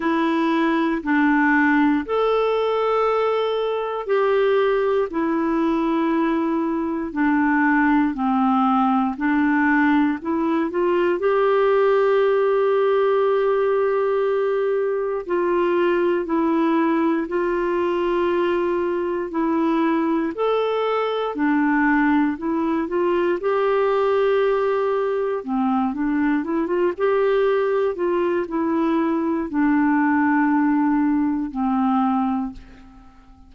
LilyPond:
\new Staff \with { instrumentName = "clarinet" } { \time 4/4 \tempo 4 = 59 e'4 d'4 a'2 | g'4 e'2 d'4 | c'4 d'4 e'8 f'8 g'4~ | g'2. f'4 |
e'4 f'2 e'4 | a'4 d'4 e'8 f'8 g'4~ | g'4 c'8 d'8 e'16 f'16 g'4 f'8 | e'4 d'2 c'4 | }